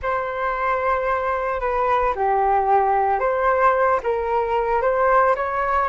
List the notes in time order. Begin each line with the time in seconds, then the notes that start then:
0.02 C5
1.60 B4
2.15 G4
3.19 C5
4.03 A#4
4.81 C5
5.35 C#5